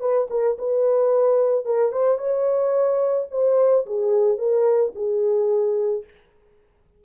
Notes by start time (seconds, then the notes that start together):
0.00 B4
0.30 A#4
0.58 B4
1.65 A#4
1.92 C5
2.18 C#5
3.31 C5
3.86 G#4
4.38 A#4
4.95 G#4